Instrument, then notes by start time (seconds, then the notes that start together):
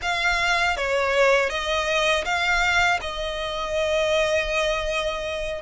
violin
0.02 F5
0.76 C#5
1.49 D#5
2.24 F5
3.01 D#5